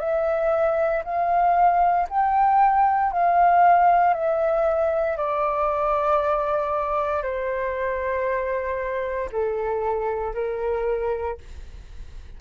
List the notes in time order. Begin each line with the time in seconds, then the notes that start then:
0.00 E5
1.04 F5
2.09 G5
3.12 F5
4.14 E5
5.17 D5
7.23 C5
9.32 A4
10.34 A#4